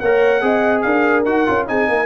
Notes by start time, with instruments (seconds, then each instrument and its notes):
0.00 tuba A#3, trombone A#4, horn C#5, trumpet F#5
0.41 tuba C4, trombone G#4, horn D#5
0.82 tuba D4, horn A#4, trumpet F5
1.25 tuba D#4, trombone F#4, trumpet F#5
1.46 tuba C#4, trombone F4
1.67 tuba C4, trombone D#4, horn G#4, trumpet G#5
1.89 tuba A#3, horn A#4